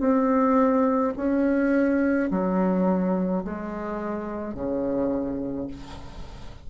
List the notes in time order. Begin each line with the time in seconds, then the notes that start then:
0.00 C4
1.17 C#4
2.31 F#3
3.44 G#3
4.54 C#3